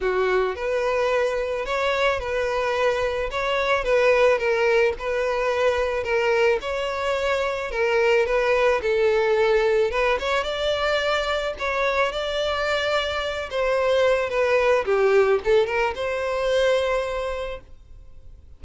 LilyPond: \new Staff \with { instrumentName = "violin" } { \time 4/4 \tempo 4 = 109 fis'4 b'2 cis''4 | b'2 cis''4 b'4 | ais'4 b'2 ais'4 | cis''2 ais'4 b'4 |
a'2 b'8 cis''8 d''4~ | d''4 cis''4 d''2~ | d''8 c''4. b'4 g'4 | a'8 ais'8 c''2. | }